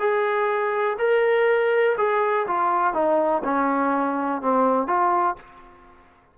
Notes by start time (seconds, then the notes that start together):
0.00 G#4
0.99 A#4
1.98 G#4
2.47 F4
2.94 D#4
3.44 C#4
4.42 C4
4.88 F4